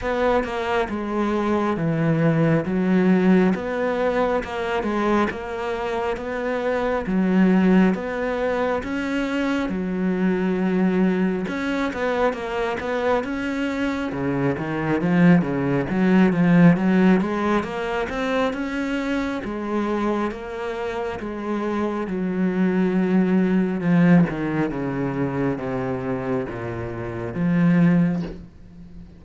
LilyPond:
\new Staff \with { instrumentName = "cello" } { \time 4/4 \tempo 4 = 68 b8 ais8 gis4 e4 fis4 | b4 ais8 gis8 ais4 b4 | fis4 b4 cis'4 fis4~ | fis4 cis'8 b8 ais8 b8 cis'4 |
cis8 dis8 f8 cis8 fis8 f8 fis8 gis8 | ais8 c'8 cis'4 gis4 ais4 | gis4 fis2 f8 dis8 | cis4 c4 ais,4 f4 | }